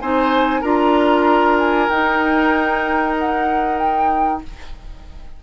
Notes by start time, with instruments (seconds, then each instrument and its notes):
0.00 bassoon C4, clarinet D#4, oboe C5, flute G#5
0.61 bassoon D4, clarinet F4, oboe A#4, flute A#5
1.58 flute G#5
1.90 bassoon D#4, clarinet D#4, flute G5
3.19 flute F#5
3.78 flute G5